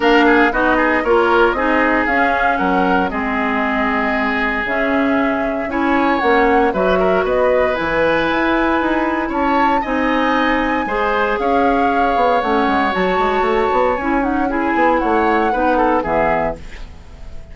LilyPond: <<
  \new Staff \with { instrumentName = "flute" } { \time 4/4 \tempo 4 = 116 f''4 dis''4 cis''4 dis''4 | f''4 fis''4 dis''2~ | dis''4 e''2 gis''4 | fis''4 e''4 dis''4 gis''4~ |
gis''2 a''4 gis''4~ | gis''2 f''2 | fis''4 a''2 gis''8 fis''8 | gis''4 fis''2 e''4 | }
  \new Staff \with { instrumentName = "oboe" } { \time 4/4 ais'8 gis'8 fis'8 gis'8 ais'4 gis'4~ | gis'4 ais'4 gis'2~ | gis'2. cis''4~ | cis''4 b'8 ais'8 b'2~ |
b'2 cis''4 dis''4~ | dis''4 c''4 cis''2~ | cis''1 | gis'4 cis''4 b'8 a'8 gis'4 | }
  \new Staff \with { instrumentName = "clarinet" } { \time 4/4 d'4 dis'4 f'4 dis'4 | cis'2 c'2~ | c'4 cis'2 e'4 | cis'4 fis'2 e'4~ |
e'2. dis'4~ | dis'4 gis'2. | cis'4 fis'2 e'8 dis'8 | e'2 dis'4 b4 | }
  \new Staff \with { instrumentName = "bassoon" } { \time 4/4 ais4 b4 ais4 c'4 | cis'4 fis4 gis2~ | gis4 cis2 cis'4 | ais4 fis4 b4 e4 |
e'4 dis'4 cis'4 c'4~ | c'4 gis4 cis'4. b8 | a8 gis8 fis8 gis8 a8 b8 cis'4~ | cis'8 b8 a4 b4 e4 | }
>>